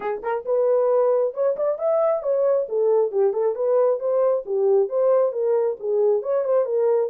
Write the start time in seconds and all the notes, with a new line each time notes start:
0.00 G#4
0.22 A#4
0.45 B4
1.33 C#5
1.56 D5
1.78 E5
2.22 C#5
2.68 A4
3.11 G4
3.33 A4
3.55 B4
3.99 C5
4.45 G4
4.88 C5
5.32 A#4
5.79 G#4
6.22 C#5
6.44 C5
6.65 A#4